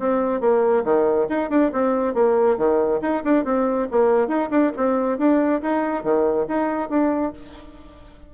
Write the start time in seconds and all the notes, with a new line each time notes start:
0.00 C4
0.41 A#3
0.85 D#3
1.29 D#4
1.50 D4
1.73 C4
2.15 A#3
2.58 D#3
3.02 D#4
3.25 D4
3.45 C4
3.91 A#3
4.28 D#4
4.51 D4
4.77 C4
5.19 D4
5.63 D#4
6.04 D#3
6.48 D#4
6.90 D4